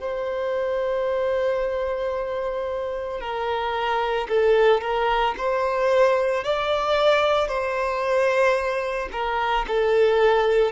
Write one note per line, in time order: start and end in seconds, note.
0.00 3.20 C5
3.20 4.28 A#4
4.28 4.81 A4
4.81 5.34 A#4
5.37 6.44 C5
6.44 7.48 D5
7.48 9.09 C5
9.12 9.65 A#4
9.68 10.71 A4